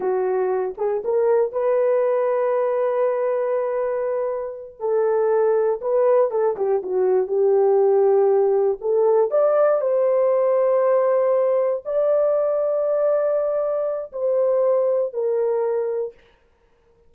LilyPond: \new Staff \with { instrumentName = "horn" } { \time 4/4 \tempo 4 = 119 fis'4. gis'8 ais'4 b'4~ | b'1~ | b'4. a'2 b'8~ | b'8 a'8 g'8 fis'4 g'4.~ |
g'4. a'4 d''4 c''8~ | c''2.~ c''8 d''8~ | d''1 | c''2 ais'2 | }